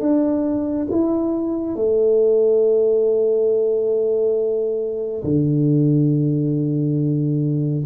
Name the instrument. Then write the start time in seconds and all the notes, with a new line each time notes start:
tuba
0.00 D4
0.91 E4
1.75 A3
5.23 D3